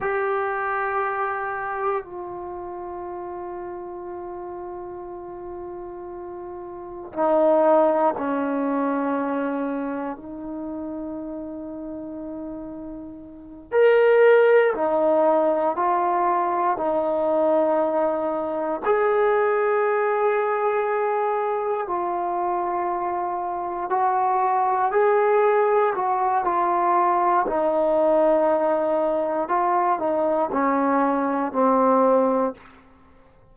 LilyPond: \new Staff \with { instrumentName = "trombone" } { \time 4/4 \tempo 4 = 59 g'2 f'2~ | f'2. dis'4 | cis'2 dis'2~ | dis'4. ais'4 dis'4 f'8~ |
f'8 dis'2 gis'4.~ | gis'4. f'2 fis'8~ | fis'8 gis'4 fis'8 f'4 dis'4~ | dis'4 f'8 dis'8 cis'4 c'4 | }